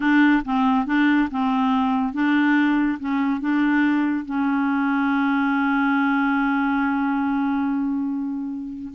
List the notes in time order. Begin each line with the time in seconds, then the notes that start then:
0.00 D4
0.44 C4
0.86 D4
1.31 C4
2.13 D4
2.99 C#4
3.40 D4
4.25 C#4